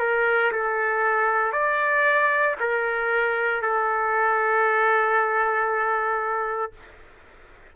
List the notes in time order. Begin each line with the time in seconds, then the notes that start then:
0.00 A#4
0.52 A4
1.52 D5
2.60 A#4
3.62 A4